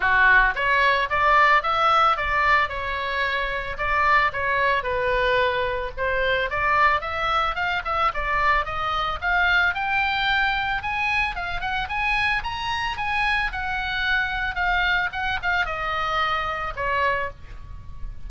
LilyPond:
\new Staff \with { instrumentName = "oboe" } { \time 4/4 \tempo 4 = 111 fis'4 cis''4 d''4 e''4 | d''4 cis''2 d''4 | cis''4 b'2 c''4 | d''4 e''4 f''8 e''8 d''4 |
dis''4 f''4 g''2 | gis''4 f''8 fis''8 gis''4 ais''4 | gis''4 fis''2 f''4 | fis''8 f''8 dis''2 cis''4 | }